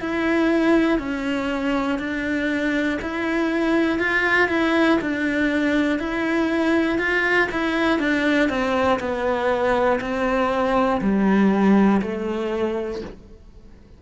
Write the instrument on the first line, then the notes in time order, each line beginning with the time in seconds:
cello
0.00 E4
0.98 C#4
1.98 D4
3.01 E4
3.98 F4
4.48 E4
5.00 D4
5.99 E4
6.98 F4
7.51 E4
7.99 D4
8.49 C4
9.00 B3
10.00 C4
11.01 G3
12.01 A3